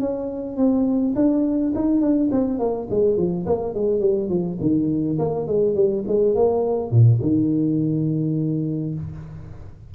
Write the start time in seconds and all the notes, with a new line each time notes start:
0.00 C#4
0.57 C4
1.15 D4
1.75 D#4
2.01 D4
2.32 C4
2.59 A#3
2.90 G#3
3.17 F3
3.46 A#3
3.74 G#3
4.00 G3
4.29 F3
4.61 D#3
5.19 A#3
5.47 G#3
5.75 G3
6.07 G#3
6.35 A#3
6.91 A#2
7.22 D#3